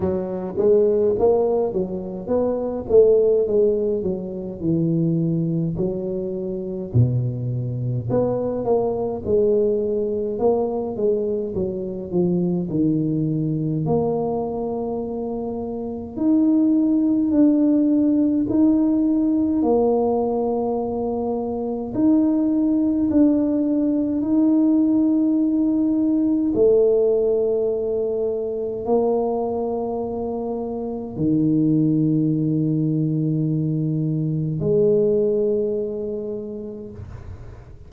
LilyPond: \new Staff \with { instrumentName = "tuba" } { \time 4/4 \tempo 4 = 52 fis8 gis8 ais8 fis8 b8 a8 gis8 fis8 | e4 fis4 b,4 b8 ais8 | gis4 ais8 gis8 fis8 f8 dis4 | ais2 dis'4 d'4 |
dis'4 ais2 dis'4 | d'4 dis'2 a4~ | a4 ais2 dis4~ | dis2 gis2 | }